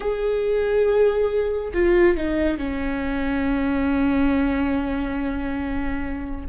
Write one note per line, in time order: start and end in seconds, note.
0.00 1.72 G#4
1.73 2.16 F4
2.16 2.57 D#4
2.57 6.46 C#4